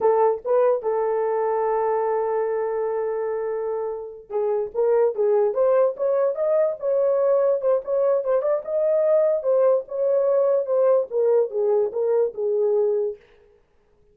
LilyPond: \new Staff \with { instrumentName = "horn" } { \time 4/4 \tempo 4 = 146 a'4 b'4 a'2~ | a'1~ | a'2~ a'8 gis'4 ais'8~ | ais'8 gis'4 c''4 cis''4 dis''8~ |
dis''8 cis''2 c''8 cis''4 | c''8 d''8 dis''2 c''4 | cis''2 c''4 ais'4 | gis'4 ais'4 gis'2 | }